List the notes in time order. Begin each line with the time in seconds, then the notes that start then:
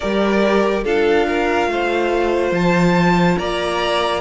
0.00 G3 G4 A#4 D5
0.84 D4 F4 A4 F5
1.27 A#4
1.67 A3 C5
2.51 F3 A5
3.38 A#3 D5 A#5